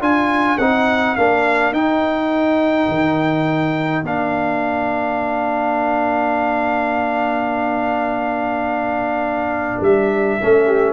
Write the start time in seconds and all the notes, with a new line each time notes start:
0.00 D4 F4 A#4 G#5
0.58 C4 D#4 F#5
1.16 A#3 D4 F5
1.72 D#4 G5
2.89 D#3
4.03 A#3 D4 F5
9.81 G3 E5
10.41 A3 C#4 A4
10.67 G4